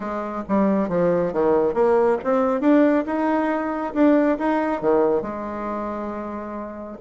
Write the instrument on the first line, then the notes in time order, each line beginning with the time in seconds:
bassoon
0.00 G#3
0.48 G3
0.89 F3
1.32 D#3
1.74 A#3
2.24 C4
2.60 D4
3.06 D#4
3.94 D4
4.38 D#4
4.81 D#3
5.21 G#3